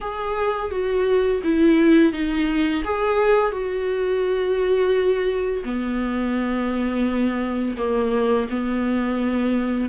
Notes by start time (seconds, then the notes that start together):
0.00 G#4
0.71 F#4
1.43 E4
2.12 D#4
2.84 G#4
3.51 F#4
5.64 B3
7.76 A#3
8.49 B3